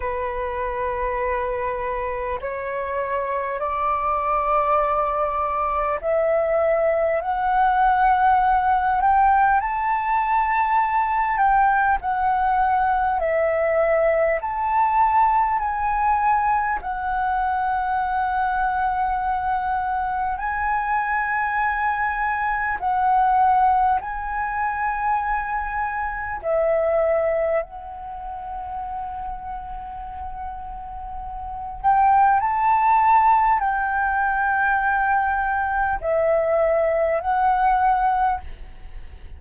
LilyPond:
\new Staff \with { instrumentName = "flute" } { \time 4/4 \tempo 4 = 50 b'2 cis''4 d''4~ | d''4 e''4 fis''4. g''8 | a''4. g''8 fis''4 e''4 | a''4 gis''4 fis''2~ |
fis''4 gis''2 fis''4 | gis''2 e''4 fis''4~ | fis''2~ fis''8 g''8 a''4 | g''2 e''4 fis''4 | }